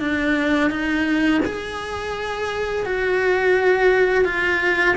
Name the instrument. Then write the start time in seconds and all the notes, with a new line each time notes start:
cello
0.00 D4
0.71 D#4
1.45 G#4
2.86 F#4
4.25 F4